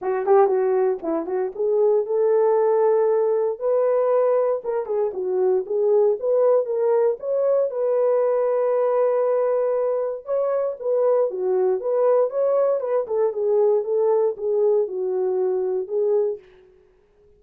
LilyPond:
\new Staff \with { instrumentName = "horn" } { \time 4/4 \tempo 4 = 117 fis'8 g'8 fis'4 e'8 fis'8 gis'4 | a'2. b'4~ | b'4 ais'8 gis'8 fis'4 gis'4 | b'4 ais'4 cis''4 b'4~ |
b'1 | cis''4 b'4 fis'4 b'4 | cis''4 b'8 a'8 gis'4 a'4 | gis'4 fis'2 gis'4 | }